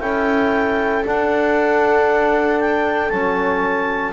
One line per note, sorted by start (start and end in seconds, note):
0.00 1.04 C#4
0.00 1.04 E4
0.00 4.13 A4
0.00 1.03 G5
1.04 3.11 D4
1.04 3.10 D4
1.04 2.60 F#5
2.60 3.09 G5
3.09 4.13 F#3
3.09 4.13 C#4
3.09 4.13 A5